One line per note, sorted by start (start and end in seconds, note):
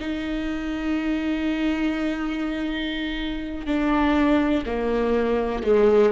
0.00 3.66 D#4
3.66 4.65 D4
4.66 5.64 A#3
5.64 6.13 G#3